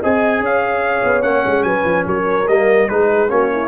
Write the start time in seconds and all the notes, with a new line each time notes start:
0.00 C4 G#4 D#5 G#5
0.40 C#4 C#5 F5
1.04 B3
1.23 A#3 C#4 F#5
1.47 G#3
1.63 F#3 B4 G#5
1.85 F3
2.06 F#3 A#4 C#5
2.48 G3 A#3 D#5
2.89 G#3 D#4 G#4 B4
3.29 A#3 C#4 F#4 C#5
3.52 E4